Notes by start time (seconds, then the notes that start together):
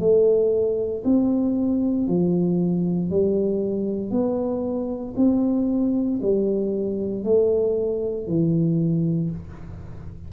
0.00 A3
1.05 C4
2.08 F3
3.10 G3
4.11 B3
5.17 C4
6.23 G3
7.24 A3
8.28 E3